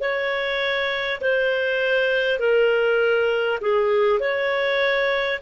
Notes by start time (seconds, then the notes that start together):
0.00 C#5
1.21 C5
2.39 A#4
3.61 G#4
4.19 C#5